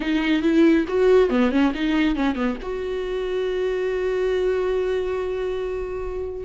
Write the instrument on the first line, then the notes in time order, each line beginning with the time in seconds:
viola
0.00 D#4
0.42 E4
0.88 F#4
1.29 B3
1.51 C#4
1.74 D#4
2.15 C#4
2.35 B3
2.61 F#4